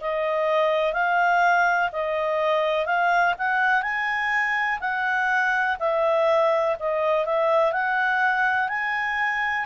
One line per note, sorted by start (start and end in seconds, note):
0.00 0.93 D#5
0.93 1.90 F5
1.92 2.85 D#5
2.85 3.34 F5
3.38 3.82 F#5
3.82 4.79 G#5
4.79 5.76 F#5
5.79 6.76 E5
6.79 7.25 D#5
7.25 7.72 E5
7.72 8.68 F#5
8.68 9.65 G#5